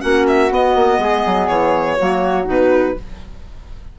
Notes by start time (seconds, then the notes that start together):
0.00 A#3 C#4 F#4 F#5
0.28 E5
0.50 B3 D#5
0.75 A#3
0.98 G#3 G#4
1.26 F#3
1.48 E3 C#5
1.98 F#3 A#3 F#4
2.45 B2 D#4 B4